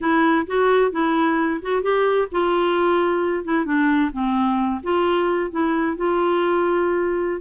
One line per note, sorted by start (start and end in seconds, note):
0.00 0.46 E4
0.46 0.91 F#4
0.91 1.60 E4
1.62 1.82 F#4
1.82 2.28 G4
2.31 3.44 F4
3.44 3.65 E4
3.65 4.11 D4
4.12 4.81 C4
4.83 5.51 F4
5.51 5.96 E4
5.96 7.41 F4